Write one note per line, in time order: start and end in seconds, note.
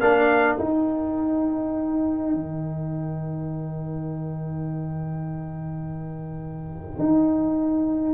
0.00 0.58 A#3
0.00 0.58 D4
0.00 8.14 A#4
0.00 0.55 F5
0.55 8.14 D#4
0.55 2.34 D#4
0.55 8.13 G5
2.34 6.99 D#3
6.99 8.14 D#4